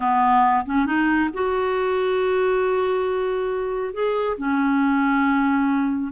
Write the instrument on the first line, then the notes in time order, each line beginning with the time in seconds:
clarinet
0.00 B3
0.65 C#4
0.86 D#4
1.33 F#4
3.93 G#4
4.37 C#4